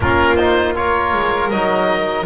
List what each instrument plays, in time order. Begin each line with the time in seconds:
0.00 double bass A#3, trombone C#4, violin F4, oboe A#4
0.35 trombone D#4, oboe C5
0.75 trombone F4, violin A#4, oboe C#5
1.13 double bass G#3
1.50 double bass F#3, trombone D#4, oboe D#5